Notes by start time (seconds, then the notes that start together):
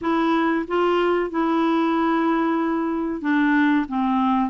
0.01 E4
0.67 F4
1.30 E4
3.21 D4
3.88 C4